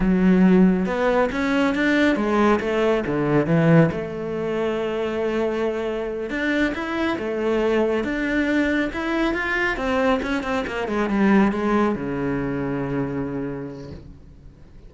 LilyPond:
\new Staff \with { instrumentName = "cello" } { \time 4/4 \tempo 4 = 138 fis2 b4 cis'4 | d'4 gis4 a4 d4 | e4 a2.~ | a2~ a8 d'4 e'8~ |
e'8 a2 d'4.~ | d'8 e'4 f'4 c'4 cis'8 | c'8 ais8 gis8 g4 gis4 cis8~ | cis1 | }